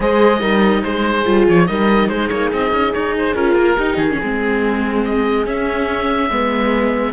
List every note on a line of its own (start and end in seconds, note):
0.00 0.41 G#3
0.00 0.40 G#4
0.00 0.40 C5
0.00 0.83 D#5
0.40 0.83 G3
0.40 1.24 D#4
0.40 0.82 A#4
0.83 1.25 G#3
0.83 1.69 G#4
0.83 1.46 C5
1.25 1.47 G3
1.25 1.66 F4
1.48 1.68 F3
1.48 1.66 C#5
1.66 2.08 G3
1.66 3.33 D#4
1.66 2.10 A#4
1.66 2.08 D#5
2.08 2.29 G#3
2.08 3.74 G#4
2.08 2.28 C5
2.28 2.52 A#3
2.28 2.49 C#5
2.52 2.72 C4
2.52 2.93 D#5
2.72 2.93 C#4
2.93 3.35 D#4
2.93 3.14 C#5
3.18 3.35 C5
3.35 3.55 C#4
3.35 3.77 F4
3.35 3.96 A#4
3.55 3.76 A#3
3.74 3.96 D#4
3.74 4.10 D#4
3.74 4.16 G4
3.96 4.17 D#3
3.96 5.01 G#4
4.10 4.21 C#4
4.20 5.46 G#3
4.20 5.45 C4
4.20 6.30 G#4
5.04 5.46 D#5
5.45 6.28 C#4
5.45 6.29 C#4
5.45 7.13 E5
6.29 7.13 G#3
6.29 7.13 B3
6.29 7.13 B4